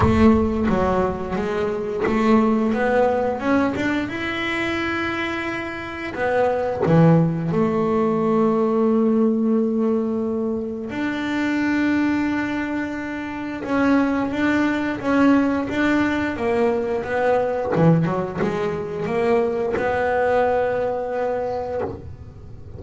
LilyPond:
\new Staff \with { instrumentName = "double bass" } { \time 4/4 \tempo 4 = 88 a4 fis4 gis4 a4 | b4 cis'8 d'8 e'2~ | e'4 b4 e4 a4~ | a1 |
d'1 | cis'4 d'4 cis'4 d'4 | ais4 b4 e8 fis8 gis4 | ais4 b2. | }